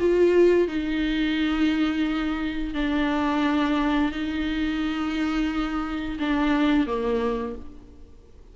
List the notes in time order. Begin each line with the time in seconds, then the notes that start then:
0.00 F4
0.68 D#4
2.75 D4
4.12 D#4
6.20 D4
6.87 A#3